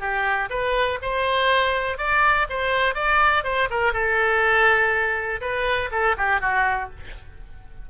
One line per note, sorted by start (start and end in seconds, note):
0.00 0.49 G4
0.50 0.99 B4
1.02 1.98 C5
1.98 2.47 D5
2.50 2.95 C5
2.95 3.44 D5
3.44 3.69 C5
3.71 3.93 A#4
3.93 5.41 A4
5.41 5.90 B4
5.92 6.16 A4
6.18 6.41 G4
6.41 6.90 F#4